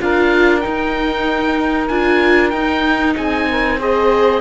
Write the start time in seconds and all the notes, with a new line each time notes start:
0.00 D4 F4 A#4 F5
0.60 D#4 G5
1.88 D4 F4 G#5
2.50 D#4 G5
3.16 C4 G#4 G#5
3.50 A#4
3.78 G#4 C5 D#5